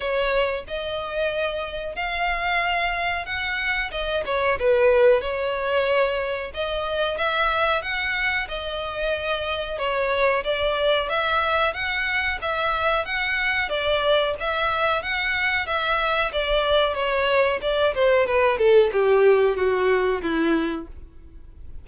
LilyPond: \new Staff \with { instrumentName = "violin" } { \time 4/4 \tempo 4 = 92 cis''4 dis''2 f''4~ | f''4 fis''4 dis''8 cis''8 b'4 | cis''2 dis''4 e''4 | fis''4 dis''2 cis''4 |
d''4 e''4 fis''4 e''4 | fis''4 d''4 e''4 fis''4 | e''4 d''4 cis''4 d''8 c''8 | b'8 a'8 g'4 fis'4 e'4 | }